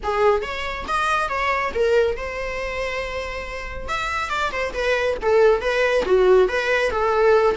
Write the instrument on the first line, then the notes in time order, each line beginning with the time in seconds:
viola
0.03 G#4
0.42 C#5
0.87 D#5
1.29 C#5
1.74 A#4
2.16 C5
3.88 E5
4.29 D5
4.51 C5
4.73 B4
5.22 A4
5.61 B4
6.05 F#4
6.48 B4
6.90 A4